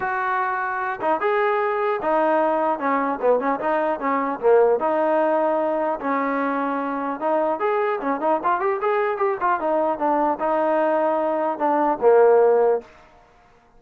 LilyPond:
\new Staff \with { instrumentName = "trombone" } { \time 4/4 \tempo 4 = 150 fis'2~ fis'8 dis'8 gis'4~ | gis'4 dis'2 cis'4 | b8 cis'8 dis'4 cis'4 ais4 | dis'2. cis'4~ |
cis'2 dis'4 gis'4 | cis'8 dis'8 f'8 g'8 gis'4 g'8 f'8 | dis'4 d'4 dis'2~ | dis'4 d'4 ais2 | }